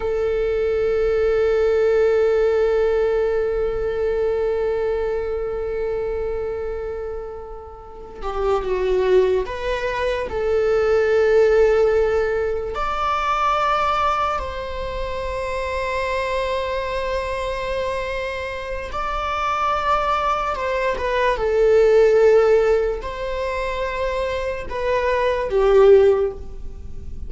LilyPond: \new Staff \with { instrumentName = "viola" } { \time 4/4 \tempo 4 = 73 a'1~ | a'1~ | a'2 g'8 fis'4 b'8~ | b'8 a'2. d''8~ |
d''4. c''2~ c''8~ | c''2. d''4~ | d''4 c''8 b'8 a'2 | c''2 b'4 g'4 | }